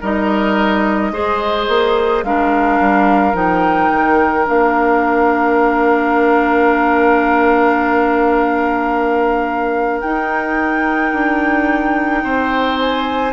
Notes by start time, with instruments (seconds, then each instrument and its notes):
0.00 bassoon G3, clarinet D#4, oboe A#4, flute D#5
1.11 bassoon G#3, clarinet G#4, oboe C5
1.68 bassoon A#3
2.23 bassoon G#3, clarinet D4, oboe A#4, flute F5
2.80 bassoon G3
3.33 bassoon F3, clarinet D#4, flute G5
3.92 bassoon D#3
4.45 bassoon A#3, clarinet D4, flute F5
10.00 bassoon D#4, clarinet D#4, flute G5
11.12 bassoon D4
12.23 bassoon C4, oboe C5
12.79 flute G#5